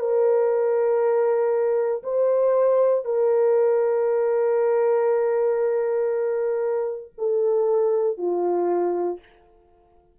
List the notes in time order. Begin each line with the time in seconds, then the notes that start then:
0.00 A#4
2.04 C5
3.06 A#4
7.18 A4
8.18 F4